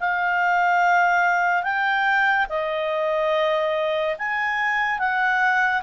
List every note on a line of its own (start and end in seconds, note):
0.00 1.63 F5
1.63 2.47 G5
2.49 4.16 D#5
4.19 4.99 G#5
4.99 5.83 F#5